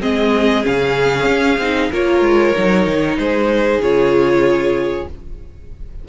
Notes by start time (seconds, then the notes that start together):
0.00 G#3 C4 G#4 D#5
0.63 C#3 C#4 F5
1.26 C#4
1.58 C4 D#4
1.91 A#3 F4 A#4 C#5
2.21 G#3
2.55 F#3 D#4
2.86 D#3
3.18 G#3 G#4 C5
3.78 C#3 F4 C#5